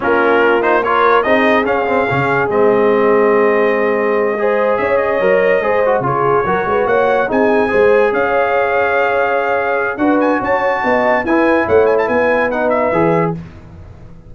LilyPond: <<
  \new Staff \with { instrumentName = "trumpet" } { \time 4/4 \tempo 4 = 144 ais'4. c''8 cis''4 dis''4 | f''2 dis''2~ | dis''2.~ dis''8 e''8 | dis''2~ dis''8 cis''4.~ |
cis''8 fis''4 gis''2 f''8~ | f''1 | fis''8 gis''8 a''2 gis''4 | fis''8 gis''16 a''16 gis''4 fis''8 e''4. | }
  \new Staff \with { instrumentName = "horn" } { \time 4/4 f'2 ais'4 gis'4~ | gis'1~ | gis'2~ gis'8 c''4 cis''8~ | cis''4. c''4 gis'4 ais'8 |
b'8 cis''4 gis'4 c''4 cis''8~ | cis''1 | b'4 cis''4 dis''4 b'4 | cis''4 b'2. | }
  \new Staff \with { instrumentName = "trombone" } { \time 4/4 cis'4. dis'8 f'4 dis'4 | cis'8 c'8 cis'4 c'2~ | c'2~ c'8 gis'4.~ | gis'8 ais'4 gis'8 fis'8 f'4 fis'8~ |
fis'4. dis'4 gis'4.~ | gis'1 | fis'2. e'4~ | e'2 dis'4 gis'4 | }
  \new Staff \with { instrumentName = "tuba" } { \time 4/4 ais2. c'4 | cis'4 cis4 gis2~ | gis2.~ gis8 cis'8~ | cis'8 fis4 gis4 cis4 fis8 |
gis8 ais4 c'4 gis4 cis'8~ | cis'1 | d'4 cis'4 b4 e'4 | a4 b2 e4 | }
>>